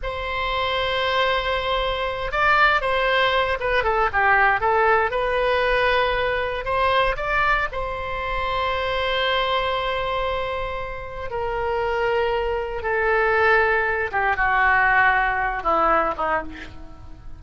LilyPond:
\new Staff \with { instrumentName = "oboe" } { \time 4/4 \tempo 4 = 117 c''1~ | c''8 d''4 c''4. b'8 a'8 | g'4 a'4 b'2~ | b'4 c''4 d''4 c''4~ |
c''1~ | c''2 ais'2~ | ais'4 a'2~ a'8 g'8 | fis'2~ fis'8 e'4 dis'8 | }